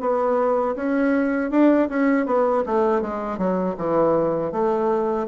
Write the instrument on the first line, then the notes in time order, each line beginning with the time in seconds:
bassoon
0.00 B3
0.75 C#4
1.51 D4
1.89 C#4
2.26 B3
2.66 A3
3.01 G#3
3.38 F#3
3.77 E3
4.52 A3